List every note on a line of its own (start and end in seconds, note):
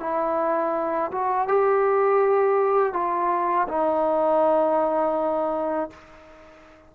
0.00 1.11 E4
1.11 1.48 F#4
1.48 2.93 G4
2.93 3.67 F4
3.68 5.90 D#4